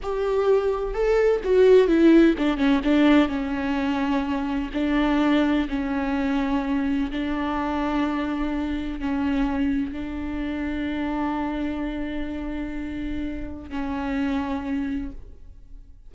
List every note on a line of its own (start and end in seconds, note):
0.02 0.94 G4
0.94 1.41 A4
1.43 1.87 F#4
1.87 2.35 E4
2.38 2.57 D4
2.57 2.80 C#4
2.84 3.28 D4
3.28 4.70 C#4
4.73 5.68 D4
5.68 7.10 C#4
7.11 8.99 D4
8.99 9.92 C#4
9.92 13.69 D4
13.69 15.11 C#4